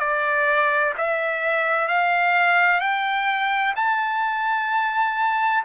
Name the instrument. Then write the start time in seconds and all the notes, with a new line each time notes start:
trumpet
0.00 D5
0.98 E5
1.88 F5
2.80 G5
3.76 A5